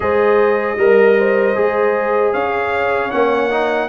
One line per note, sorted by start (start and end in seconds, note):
0.00 0.77 G#3
0.00 0.77 G#4
0.00 0.79 C5
0.00 2.33 D#5
0.77 1.55 G3
0.77 1.55 A#4
0.77 1.18 A#4
1.18 2.33 C5
1.55 2.33 G#3
1.55 3.11 G#4
2.33 3.11 C#4
2.33 3.88 C#5
2.33 3.10 F5
3.10 3.88 A#3
3.10 3.50 C#4
3.10 3.88 F#5
3.50 3.88 D#4